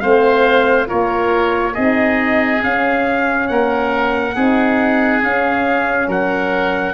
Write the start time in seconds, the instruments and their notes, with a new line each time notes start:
0.00 tuba A3, horn C4, oboe C5, trumpet F5
0.86 tuba A#3, horn F4, oboe A#4, trumpet C#5
1.73 tuba C4, horn D#4, oboe G#4, trumpet D#5
2.63 horn C#4, tuba C#4, trumpet F5
3.48 tuba A#3, oboe A#4, trumpet F#5
4.36 tuba C4, horn D#4, oboe G#4
5.22 horn C#4, tuba C#4, trumpet F5
6.08 tuba F#3, oboe A#4, trumpet F#5